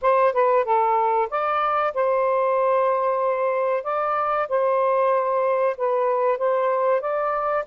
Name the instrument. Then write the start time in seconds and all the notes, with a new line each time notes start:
saxophone
0.01 C5
0.33 B4
0.64 A4
1.29 D5
1.94 C5
3.83 D5
4.49 C5
5.77 B4
6.38 C5
7.00 D5